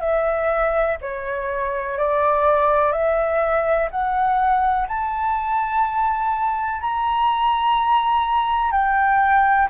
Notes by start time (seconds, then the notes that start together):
0.00 E5
1.01 C#5
1.98 D5
2.92 E5
3.91 F#5
4.88 A5
6.81 A#5
8.72 G5